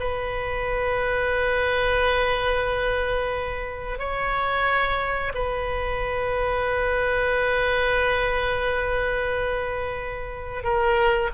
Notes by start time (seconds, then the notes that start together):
0.00 B4
3.99 C#5
5.35 B4
10.64 A#4